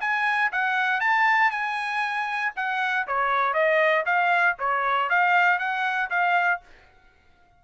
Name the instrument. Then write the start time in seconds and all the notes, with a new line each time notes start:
trumpet
0.00 G#5
0.52 F#5
1.00 A5
1.50 G#5
2.56 F#5
3.07 C#5
3.53 D#5
4.05 F5
4.58 C#5
5.09 F5
5.58 F#5
6.10 F5